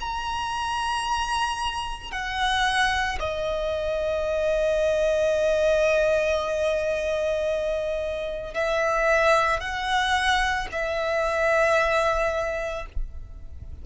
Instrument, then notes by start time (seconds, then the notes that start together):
violin
0.00 A#5
2.11 F#5
3.19 D#5
8.54 E5
9.60 F#5
10.71 E5